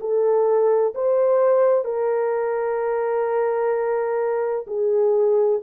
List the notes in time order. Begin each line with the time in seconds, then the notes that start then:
0.00 A4
0.95 C5
1.85 A#4
4.67 G#4